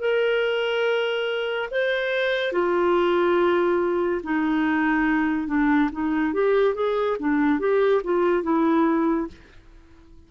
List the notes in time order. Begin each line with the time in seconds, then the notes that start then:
0.00 A#4
1.71 C5
2.52 F4
4.23 D#4
5.47 D4
5.92 D#4
6.33 G4
6.75 G#4
7.19 D4
7.59 G4
8.04 F4
8.43 E4